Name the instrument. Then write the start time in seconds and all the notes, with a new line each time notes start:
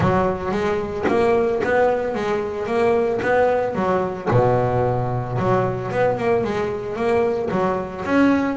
double bass
0.00 F#3
0.51 G#3
1.08 A#3
1.63 B3
2.14 G#3
2.66 A#3
3.22 B3
3.75 F#3
4.30 B2
5.38 F#3
5.91 B3
6.18 A#3
6.44 G#3
6.95 A#3
7.50 F#3
8.05 C#4